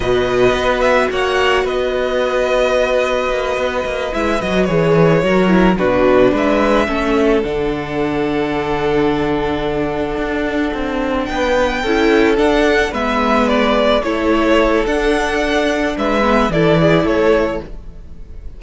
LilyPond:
<<
  \new Staff \with { instrumentName = "violin" } { \time 4/4 \tempo 4 = 109 dis''4. e''8 fis''4 dis''4~ | dis''2.~ dis''8 e''8 | dis''8 cis''2 b'4 e''8~ | e''4. fis''2~ fis''8~ |
fis''1~ | fis''8 g''2 fis''4 e''8~ | e''8 d''4 cis''4. fis''4~ | fis''4 e''4 d''4 cis''4 | }
  \new Staff \with { instrumentName = "violin" } { \time 4/4 b'2 cis''4 b'4~ | b'1~ | b'4. ais'4 fis'4 b'8~ | b'8 a'2.~ a'8~ |
a'1~ | a'8 b'4 a'2 b'8~ | b'4. a'2~ a'8~ | a'4 b'4 a'8 gis'8 a'4 | }
  \new Staff \with { instrumentName = "viola" } { \time 4/4 fis'1~ | fis'2.~ fis'8 e'8 | fis'8 gis'4 fis'8 e'8 d'4.~ | d'8 cis'4 d'2~ d'8~ |
d'1~ | d'4. e'4 d'4 b8~ | b4. e'4. d'4~ | d'4. b8 e'2 | }
  \new Staff \with { instrumentName = "cello" } { \time 4/4 b,4 b4 ais4 b4~ | b2 ais8 b8 ais8 gis8 | fis8 e4 fis4 b,4 gis8~ | gis8 a4 d2~ d8~ |
d2~ d8 d'4 c'8~ | c'8 b4 cis'4 d'4 gis8~ | gis4. a4. d'4~ | d'4 gis4 e4 a4 | }
>>